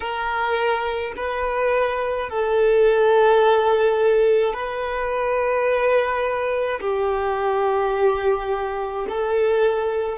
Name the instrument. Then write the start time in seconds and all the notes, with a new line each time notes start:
violin
0.00 A#4
1.16 B4
2.30 A4
4.53 B4
6.80 G4
9.08 A4